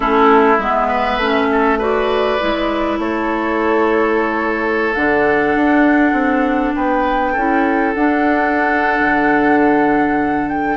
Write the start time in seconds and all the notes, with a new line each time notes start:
0.00 A3 C#4 E4 A4
0.58 G#3 B3 E5
0.87 B4
1.17 A3 C#4
1.51 A4
1.78 F#4 B4 D5
2.39 G#3 E4
2.98 A3 A4 C#5
4.94 D3 D4 F#5
5.55 D4
6.12 C4
6.74 B3 B4 G5
7.32 C#4 E4 A4
7.94 D4 F#5
8.99 D3
10.48 G5